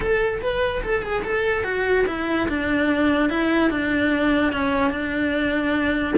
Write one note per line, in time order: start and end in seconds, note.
0.00 0.41 A4
0.41 0.82 B4
0.83 1.02 A4
1.02 1.23 G#4
1.23 1.63 A4
1.63 2.05 F#4
2.07 2.48 E4
2.48 3.29 D4
3.29 3.70 E4
3.70 4.52 D4
4.52 4.90 C#4
4.90 6.14 D4